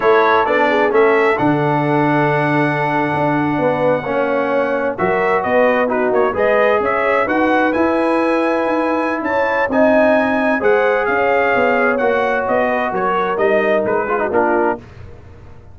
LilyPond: <<
  \new Staff \with { instrumentName = "trumpet" } { \time 4/4 \tempo 4 = 130 cis''4 d''4 e''4 fis''4~ | fis''1~ | fis''2~ fis''8. e''4 dis''16~ | dis''8. b'8 cis''8 dis''4 e''4 fis''16~ |
fis''8. gis''2.~ gis''16 | a''4 gis''2 fis''4 | f''2 fis''4 dis''4 | cis''4 dis''4 b'4 ais'4 | }
  \new Staff \with { instrumentName = "horn" } { \time 4/4 a'4. gis'8 a'2~ | a'2.~ a'8. b'16~ | b'8. cis''2 ais'4 b'16~ | b'8. fis'4 b'4 cis''4 b'16~ |
b'1 | cis''4 dis''2 c''4 | cis''2.~ cis''8 b'8 | ais'2~ ais'8 gis'16 fis'16 f'4 | }
  \new Staff \with { instrumentName = "trombone" } { \time 4/4 e'4 d'4 cis'4 d'4~ | d'1~ | d'8. cis'2 fis'4~ fis'16~ | fis'8. dis'4 gis'2 fis'16~ |
fis'8. e'2.~ e'16~ | e'4 dis'2 gis'4~ | gis'2 fis'2~ | fis'4 dis'4. f'16 dis'16 d'4 | }
  \new Staff \with { instrumentName = "tuba" } { \time 4/4 a4 b4 a4 d4~ | d2~ d8. d'4 b16~ | b8. ais2 fis4 b16~ | b4~ b16 ais8 gis4 cis'4 dis'16~ |
dis'8. e'2 dis'4~ dis'16 | cis'4 c'2 gis4 | cis'4 b4 ais4 b4 | fis4 g4 gis4 ais4 | }
>>